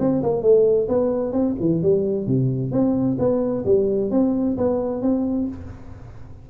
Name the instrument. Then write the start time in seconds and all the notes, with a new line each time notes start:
tuba
0.00 C4
0.23 A#3
0.42 A3
0.89 B3
1.33 C4
1.60 E3
1.83 G3
2.27 C3
2.72 C4
3.19 B3
3.65 G3
4.11 C4
4.58 B3
5.02 C4